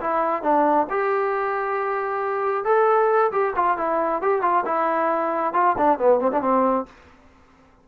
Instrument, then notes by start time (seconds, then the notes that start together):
trombone
0.00 E4
0.42 D4
0.90 G4
2.65 A4
3.32 G4
3.56 F4
3.77 E4
4.22 G4
4.42 F4
4.66 E4
5.54 F4
5.78 D4
5.99 B3
6.20 C4
6.32 D4
6.41 C4